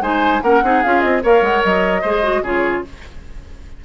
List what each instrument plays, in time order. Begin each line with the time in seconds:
0.00 bassoon G#3, clarinet D#4, oboe C5, flute G#5
0.42 bassoon A#3, clarinet C#4, oboe A#4, flute F#5
0.62 bassoon C4, clarinet D#4, oboe G#4
0.83 bassoon C#4, clarinet F4, flute F5
1.00 bassoon C4, flute D#5
1.22 bassoon A#3, clarinet A#4, oboe C#5, flute F5
1.41 bassoon G#3, flute F#5
1.64 bassoon F#3, flute D#5
2.01 bassoon G#3, clarinet G#4, oboe C5
2.23 clarinet F#4
2.41 bassoon C#3, clarinet F4, oboe G#4, flute C#5